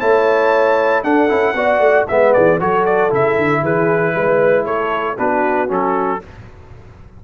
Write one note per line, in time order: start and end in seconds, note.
0.00 1.04 A3
0.00 1.04 E4
0.00 1.03 C#5
0.00 1.04 A5
1.04 1.29 D4
1.04 1.30 D4
1.04 1.56 A4
1.04 2.07 F#5
1.29 1.55 C#4
1.29 1.55 E4
1.55 1.79 B3
1.55 2.08 F#4
1.55 2.09 D5
1.79 2.05 A3
2.08 2.36 G#3
2.08 2.60 B3
2.08 2.34 E5
2.08 2.35 E5
2.34 2.60 E3
2.34 2.61 G#4
2.34 2.59 D5
2.60 3.12 F#3
2.60 3.10 F#4
2.60 3.63 A4
2.60 2.86 C#5
2.86 3.11 D5
3.10 3.38 C#3
3.10 5.17 E4
3.10 3.65 E5
3.38 3.62 D3
3.62 4.14 E3
3.62 4.15 G#4
3.62 4.66 B4
4.16 4.66 G#3
4.16 4.65 B4
4.65 5.17 A3
4.65 5.17 A4
4.65 5.17 C#5
5.18 5.70 B3
5.18 5.68 D4
5.18 6.22 F#4
5.18 5.70 B4
5.68 6.22 F#3
5.68 6.20 C#4
5.68 6.24 A4